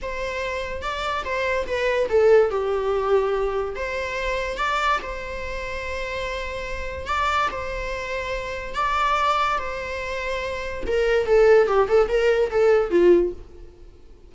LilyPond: \new Staff \with { instrumentName = "viola" } { \time 4/4 \tempo 4 = 144 c''2 d''4 c''4 | b'4 a'4 g'2~ | g'4 c''2 d''4 | c''1~ |
c''4 d''4 c''2~ | c''4 d''2 c''4~ | c''2 ais'4 a'4 | g'8 a'8 ais'4 a'4 f'4 | }